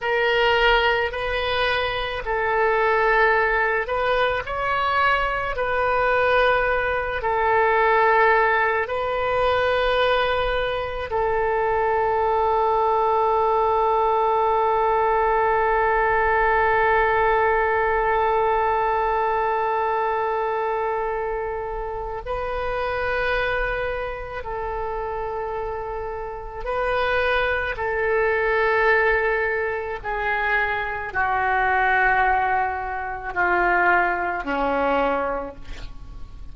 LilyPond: \new Staff \with { instrumentName = "oboe" } { \time 4/4 \tempo 4 = 54 ais'4 b'4 a'4. b'8 | cis''4 b'4. a'4. | b'2 a'2~ | a'1~ |
a'1 | b'2 a'2 | b'4 a'2 gis'4 | fis'2 f'4 cis'4 | }